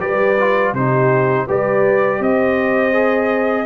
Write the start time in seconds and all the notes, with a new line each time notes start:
0.00 G3 G4 B4 D5
0.40 F4
0.73 C3 D#4 G4 C5
1.47 G3 G4 B4 D5
2.20 C4 C5 D#5
2.93 G#4